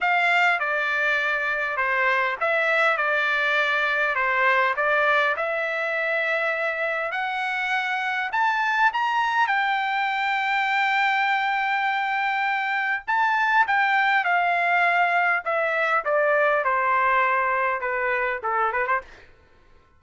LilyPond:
\new Staff \with { instrumentName = "trumpet" } { \time 4/4 \tempo 4 = 101 f''4 d''2 c''4 | e''4 d''2 c''4 | d''4 e''2. | fis''2 a''4 ais''4 |
g''1~ | g''2 a''4 g''4 | f''2 e''4 d''4 | c''2 b'4 a'8 b'16 c''16 | }